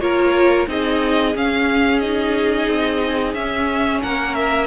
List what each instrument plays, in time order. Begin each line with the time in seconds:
0.00 cello A#3, viola F4, violin A#4 C#5
0.67 cello C4, viola D#4, violin G#4 D#5
1.35 cello C#4, viola C#4, violin F5
1.99 viola D#4, violin D#5
2.68 cello C4
3.34 cello C#4, viola C#4, violin E5
4.02 cello A#3, violin A#4 F#5
4.34 violin E5